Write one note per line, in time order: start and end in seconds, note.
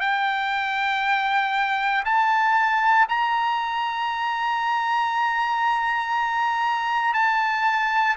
0.00 2.03 G5
2.05 3.06 A5
3.08 7.14 A#5
7.14 8.15 A5